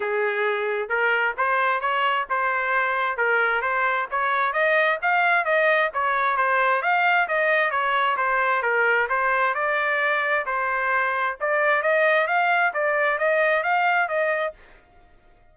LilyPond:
\new Staff \with { instrumentName = "trumpet" } { \time 4/4 \tempo 4 = 132 gis'2 ais'4 c''4 | cis''4 c''2 ais'4 | c''4 cis''4 dis''4 f''4 | dis''4 cis''4 c''4 f''4 |
dis''4 cis''4 c''4 ais'4 | c''4 d''2 c''4~ | c''4 d''4 dis''4 f''4 | d''4 dis''4 f''4 dis''4 | }